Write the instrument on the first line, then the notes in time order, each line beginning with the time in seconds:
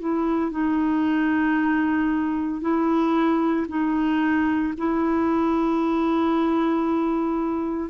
clarinet
0.00 E4
0.52 D#4
2.61 E4
3.69 D#4
4.78 E4